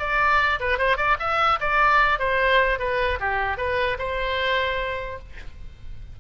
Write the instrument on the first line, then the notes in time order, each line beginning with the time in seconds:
oboe
0.00 D5
0.60 B4
0.79 C5
0.98 D5
1.20 E5
1.61 D5
2.19 C5
2.79 B4
3.20 G4
3.58 B4
3.99 C5